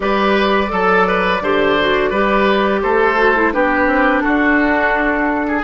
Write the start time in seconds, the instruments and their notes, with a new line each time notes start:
0.00 bassoon G3, clarinet G4, oboe B4, flute D5
0.67 bassoon F#3, clarinet A4, oboe A4
1.07 oboe B4
1.41 bassoon D3, clarinet G4, oboe C5
1.79 clarinet F#4
2.10 bassoon G3, clarinet G4, oboe B4
2.81 bassoon A3, oboe A4, flute C5
3.16 clarinet F#4
3.35 clarinet E4
3.52 bassoon B3, clarinet D4, oboe G4, flute B4
3.86 bassoon C4
4.20 oboe F#4, flute A4
4.27 bassoon D4
5.47 oboe G#4